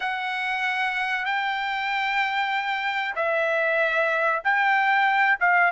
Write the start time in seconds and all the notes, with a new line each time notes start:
0.00 F#5
1.25 G5
3.15 E5
4.44 G5
5.39 F5